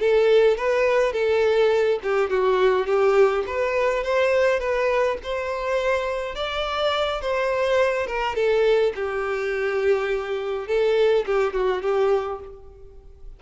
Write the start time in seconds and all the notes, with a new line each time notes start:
0.00 A4
0.57 B4
1.13 A4
2.03 G4
2.30 F#4
2.86 G4
3.47 B4
4.03 C5
4.59 B4
5.23 C5
6.35 D5
7.21 C5
8.06 A#4
8.35 A4
8.95 G4
10.67 A4
11.26 G4
11.53 F#4
11.82 G4